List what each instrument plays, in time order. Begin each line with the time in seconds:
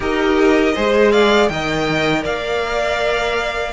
0.00 cello D#4, viola G4, violin A#4 D#5
0.75 cello G#3, viola G#4, violin C5
1.11 violin D5 F5
1.48 cello D#3, viola A#4, violin D#5 G5
2.23 cello A#3, violin D5 F5